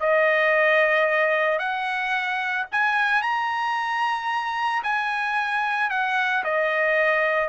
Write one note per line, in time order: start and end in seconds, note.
0.00 1.59 D#5
1.59 2.66 F#5
2.71 3.22 G#5
3.22 4.83 A#5
4.83 5.90 G#5
5.90 6.44 F#5
6.44 7.49 D#5